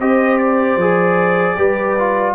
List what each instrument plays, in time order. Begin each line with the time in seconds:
0.00 tuba C4, trombone G4, horn C5, trumpet D#5
0.38 trumpet D5
0.76 tuba F3, trombone G#4
1.57 tuba G3, trombone G4, horn B4
1.99 trombone F4